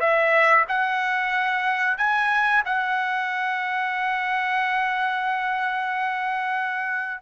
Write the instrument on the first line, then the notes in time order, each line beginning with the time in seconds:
trumpet
0.00 E5
0.69 F#5
1.98 G#5
2.65 F#5